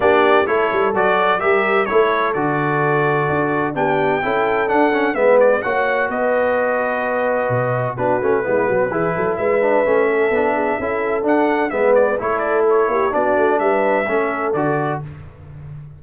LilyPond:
<<
  \new Staff \with { instrumentName = "trumpet" } { \time 4/4 \tempo 4 = 128 d''4 cis''4 d''4 e''4 | cis''4 d''2. | g''2 fis''4 e''8 d''8 | fis''4 dis''2.~ |
dis''4 b'2. | e''1 | fis''4 e''8 d''8 cis''8 d''8 cis''4 | d''4 e''2 d''4 | }
  \new Staff \with { instrumentName = "horn" } { \time 4/4 g'4 a'2 ais'4 | a'1 | g'4 a'2 b'4 | cis''4 b'2.~ |
b'4 fis'4 e'8 fis'8 gis'8 a'8 | b'4. a'4 gis'8 a'4~ | a'4 b'4 a'4. g'8 | fis'4 b'4 a'2 | }
  \new Staff \with { instrumentName = "trombone" } { \time 4/4 d'4 e'4 fis'4 g'4 | e'4 fis'2. | d'4 e'4 d'8 cis'8 b4 | fis'1~ |
fis'4 d'8 cis'8 b4 e'4~ | e'8 d'8 cis'4 d'4 e'4 | d'4 b4 e'2 | d'2 cis'4 fis'4 | }
  \new Staff \with { instrumentName = "tuba" } { \time 4/4 ais4 a8 g8 fis4 g4 | a4 d2 d'4 | b4 cis'4 d'4 gis4 | ais4 b2. |
b,4 b8 a8 gis8 fis8 e8 fis8 | gis4 a4 b4 cis'4 | d'4 gis4 a4. ais8 | b8 a8 g4 a4 d4 | }
>>